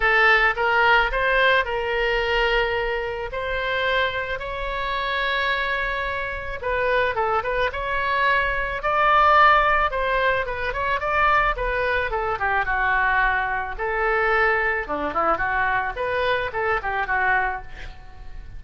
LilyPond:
\new Staff \with { instrumentName = "oboe" } { \time 4/4 \tempo 4 = 109 a'4 ais'4 c''4 ais'4~ | ais'2 c''2 | cis''1 | b'4 a'8 b'8 cis''2 |
d''2 c''4 b'8 cis''8 | d''4 b'4 a'8 g'8 fis'4~ | fis'4 a'2 d'8 e'8 | fis'4 b'4 a'8 g'8 fis'4 | }